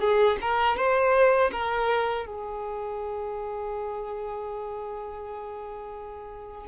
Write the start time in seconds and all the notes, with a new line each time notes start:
0.00 G#4
0.41 A#4
0.77 C5
1.52 A#4
2.26 G#4